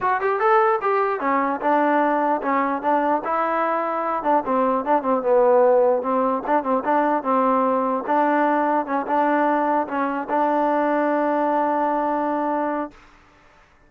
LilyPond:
\new Staff \with { instrumentName = "trombone" } { \time 4/4 \tempo 4 = 149 fis'8 g'8 a'4 g'4 cis'4 | d'2 cis'4 d'4 | e'2~ e'8 d'8 c'4 | d'8 c'8 b2 c'4 |
d'8 c'8 d'4 c'2 | d'2 cis'8 d'4.~ | d'8 cis'4 d'2~ d'8~ | d'1 | }